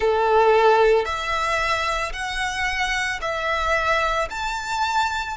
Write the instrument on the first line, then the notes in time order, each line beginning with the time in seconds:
violin
0.00 A4
1.05 E5
2.12 F#5
3.21 E5
4.30 A5